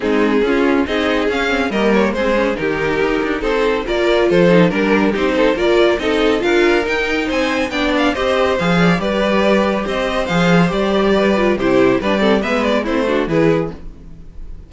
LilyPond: <<
  \new Staff \with { instrumentName = "violin" } { \time 4/4 \tempo 4 = 140 gis'2 dis''4 f''4 | dis''8 cis''8 c''4 ais'2 | c''4 d''4 c''4 ais'4 | c''4 d''4 dis''4 f''4 |
g''4 gis''4 g''8 f''8 dis''4 | f''4 d''2 dis''4 | f''4 d''2 c''4 | d''4 e''8 d''8 c''4 b'4 | }
  \new Staff \with { instrumentName = "violin" } { \time 4/4 dis'4 f'4 gis'2 | ais'4 gis'4 g'2 | a'4 ais'4 a'4 ais'4 | g'8 a'8 ais'4 a'4 ais'4~ |
ais'4 c''4 d''4 c''4~ | c''8 d''8 b'2 c''4~ | c''2 b'4 g'4 | b'8 a'8 b'4 e'8 fis'8 gis'4 | }
  \new Staff \with { instrumentName = "viola" } { \time 4/4 c'4 cis'4 dis'4 cis'8 c'8 | ais4 c'8 cis'8 dis'2~ | dis'4 f'4. dis'8 d'4 | dis'4 f'4 dis'4 f'4 |
dis'2 d'4 g'4 | gis'4 g'2. | gis'4 g'4. f'8 e'4 | d'8 c'8 b4 c'8 d'8 e'4 | }
  \new Staff \with { instrumentName = "cello" } { \time 4/4 gis4 cis'4 c'4 cis'4 | g4 gis4 dis4 dis'8 d'8 | c'4 ais4 f4 g4 | c'4 ais4 c'4 d'4 |
dis'4 c'4 b4 c'4 | f4 g2 c'4 | f4 g2 c4 | g4 gis4 a4 e4 | }
>>